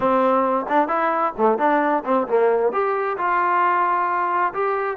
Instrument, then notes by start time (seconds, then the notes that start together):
trombone
0.00 C4
0.68 D4
0.88 E4
1.37 A3
1.58 D4
2.04 C4
2.27 A#3
2.72 G4
3.17 F4
4.53 G4